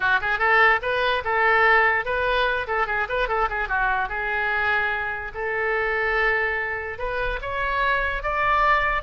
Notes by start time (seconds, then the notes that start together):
0.00 F#4
0.21 G#4
0.38 A4
0.82 B4
1.24 A4
2.05 B4
2.67 A4
2.87 G#4
3.08 B4
3.28 A4
3.49 G#4
3.68 F#4
4.09 G#4
5.34 A4
6.98 B4
7.41 C#5
8.22 D5